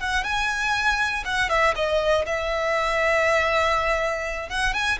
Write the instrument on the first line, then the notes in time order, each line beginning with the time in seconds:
violin
0.00 F#5
0.24 G#5
1.25 F#5
1.50 E5
1.76 D#5
2.26 E5
4.50 F#5
4.74 G#5